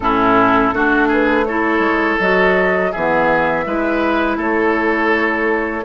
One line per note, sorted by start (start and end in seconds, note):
0.00 0.72 A2
0.00 0.73 C#4
0.00 0.74 E4
0.00 1.10 A4
0.72 1.79 A3
0.72 1.46 D4
0.72 1.08 F#4
1.08 1.44 G#4
1.08 1.45 B4
1.45 2.20 E4
1.45 2.91 A4
1.45 2.18 C#5
1.79 2.15 G#3
2.19 2.92 F#3
2.19 2.93 F#4
2.19 2.92 D#5
2.91 3.66 E3
2.91 3.66 B3
2.91 3.64 G#4
2.91 4.38 E5
3.66 4.36 G#3
3.66 5.84 E4
3.66 4.37 B4
4.36 5.83 A3
4.36 5.83 A4
4.36 5.84 C#5